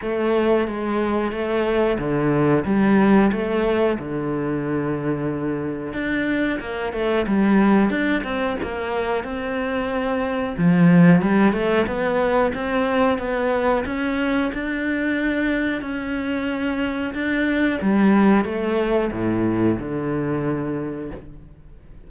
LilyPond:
\new Staff \with { instrumentName = "cello" } { \time 4/4 \tempo 4 = 91 a4 gis4 a4 d4 | g4 a4 d2~ | d4 d'4 ais8 a8 g4 | d'8 c'8 ais4 c'2 |
f4 g8 a8 b4 c'4 | b4 cis'4 d'2 | cis'2 d'4 g4 | a4 a,4 d2 | }